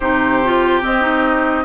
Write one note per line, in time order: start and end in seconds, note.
0.00 0.82 C3
0.00 0.42 D#4
0.00 1.64 G4
0.00 0.81 C5
0.43 0.82 F4
0.82 1.01 C4
0.82 1.64 C4
0.82 1.64 D#5
1.01 1.63 D#4